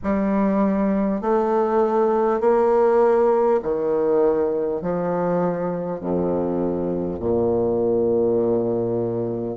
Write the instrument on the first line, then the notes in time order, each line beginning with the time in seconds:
bassoon
0.03 G3
1.21 A3
2.40 A#3
3.62 D#3
4.81 F3
6.00 F2
7.19 A#2